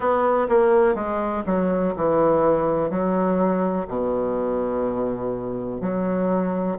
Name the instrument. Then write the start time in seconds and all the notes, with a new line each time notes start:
bassoon
0.00 B3
0.48 A#3
0.95 G#3
1.46 F#3
1.96 E3
2.90 F#3
3.87 B2
5.80 F#3